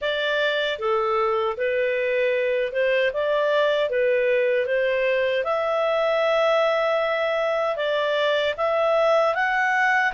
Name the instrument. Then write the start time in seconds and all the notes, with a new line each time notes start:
clarinet
0.01 D5
0.78 A4
1.57 B4
2.72 C5
3.13 D5
3.89 B4
4.66 C5
5.44 E5
7.76 D5
8.57 E5
9.34 F#5